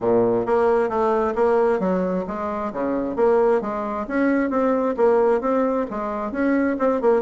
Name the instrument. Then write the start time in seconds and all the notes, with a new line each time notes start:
bassoon
0.01 A#2
0.46 A#3
0.89 A3
1.35 A#3
1.79 F#3
2.27 G#3
2.72 C#3
3.16 A#3
3.61 G#3
4.07 C#4
4.50 C4
4.96 A#3
5.40 C4
5.90 G#3
6.31 C#4
6.78 C4
7.01 A#3